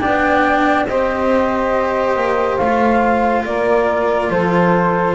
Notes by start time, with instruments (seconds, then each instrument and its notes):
0.00 double bass B3, cello D4, saxophone D5, flute G5
0.87 double bass C4, cello G4, saxophone C5, flute D#5
2.16 double bass A#3
2.57 double bass A3, flute F5
2.64 cello F4
3.45 double bass A#3, saxophone A#4, flute D5
4.29 double bass F3, saxophone A4, flute C5